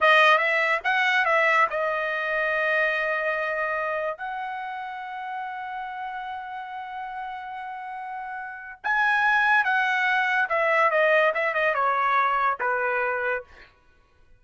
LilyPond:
\new Staff \with { instrumentName = "trumpet" } { \time 4/4 \tempo 4 = 143 dis''4 e''4 fis''4 e''4 | dis''1~ | dis''2 fis''2~ | fis''1~ |
fis''1~ | fis''4 gis''2 fis''4~ | fis''4 e''4 dis''4 e''8 dis''8 | cis''2 b'2 | }